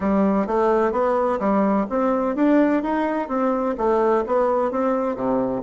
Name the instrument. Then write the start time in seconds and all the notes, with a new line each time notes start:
bassoon
0.00 G3
0.46 A3
0.92 B3
1.39 G3
1.89 C4
2.35 D4
2.82 D#4
3.28 C4
3.77 A3
4.26 B3
4.71 C4
5.15 C3